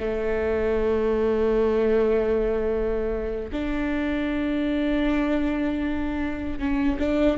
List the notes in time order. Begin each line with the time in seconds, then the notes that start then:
0.00 A3
3.52 D4
6.60 C#4
7.00 D4